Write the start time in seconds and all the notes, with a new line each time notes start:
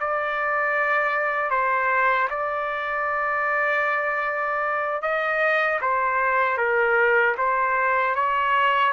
0.00 D5
1.51 C5
2.30 D5
5.02 D#5
5.81 C5
6.58 A#4
7.38 C5
8.15 C#5